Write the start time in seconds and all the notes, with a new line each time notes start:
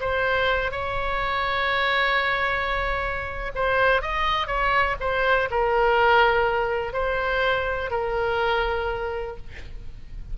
0.00 C5
0.71 C#5
3.55 C5
4.02 D#5
4.47 C#5
5.00 C5
5.50 A#4
6.93 C5
7.90 A#4